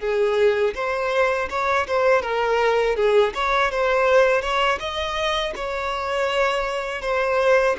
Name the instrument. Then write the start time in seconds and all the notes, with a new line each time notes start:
violin
0.00 G#4
0.75 C5
1.50 C#5
1.88 C5
2.23 A#4
2.96 G#4
3.35 C#5
3.71 C5
4.42 C#5
4.80 D#5
5.56 C#5
7.02 C5